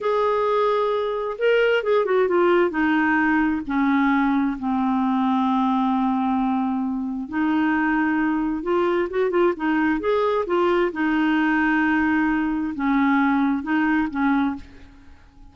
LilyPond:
\new Staff \with { instrumentName = "clarinet" } { \time 4/4 \tempo 4 = 132 gis'2. ais'4 | gis'8 fis'8 f'4 dis'2 | cis'2 c'2~ | c'1 |
dis'2. f'4 | fis'8 f'8 dis'4 gis'4 f'4 | dis'1 | cis'2 dis'4 cis'4 | }